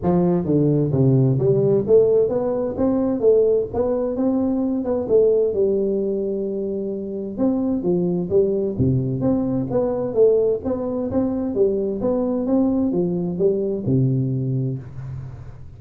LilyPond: \new Staff \with { instrumentName = "tuba" } { \time 4/4 \tempo 4 = 130 f4 d4 c4 g4 | a4 b4 c'4 a4 | b4 c'4. b8 a4 | g1 |
c'4 f4 g4 c4 | c'4 b4 a4 b4 | c'4 g4 b4 c'4 | f4 g4 c2 | }